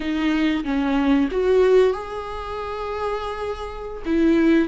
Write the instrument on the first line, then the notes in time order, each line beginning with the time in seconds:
viola
0.00 D#4
0.64 C#4
1.31 F#4
1.93 G#4
4.05 E4